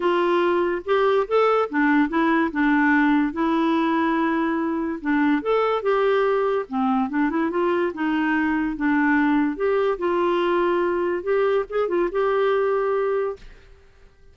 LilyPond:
\new Staff \with { instrumentName = "clarinet" } { \time 4/4 \tempo 4 = 144 f'2 g'4 a'4 | d'4 e'4 d'2 | e'1 | d'4 a'4 g'2 |
c'4 d'8 e'8 f'4 dis'4~ | dis'4 d'2 g'4 | f'2. g'4 | gis'8 f'8 g'2. | }